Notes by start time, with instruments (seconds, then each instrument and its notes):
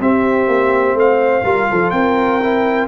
0.00 tuba C4, trombone C4, horn G4, trumpet E5
0.48 tuba A#3
0.94 tuba A3, horn C5, trumpet F5
1.44 tuba G3, trombone F4, horn A#4
1.71 tuba F3, horn A4
1.91 tuba C4, horn A#4, trumpet G5
2.43 trombone E4